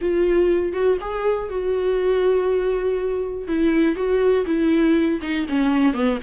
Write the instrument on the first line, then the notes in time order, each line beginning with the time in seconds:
viola
0.01 F4
0.72 F#4
1.00 G#4
1.49 F#4
3.47 E4
3.95 F#4
4.46 E4
5.21 D#4
5.48 C#4
5.93 B3